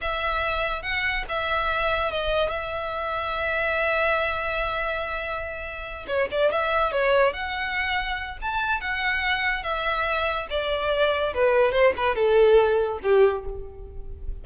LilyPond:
\new Staff \with { instrumentName = "violin" } { \time 4/4 \tempo 4 = 143 e''2 fis''4 e''4~ | e''4 dis''4 e''2~ | e''1~ | e''2~ e''8 cis''8 d''8 e''8~ |
e''8 cis''4 fis''2~ fis''8 | a''4 fis''2 e''4~ | e''4 d''2 b'4 | c''8 b'8 a'2 g'4 | }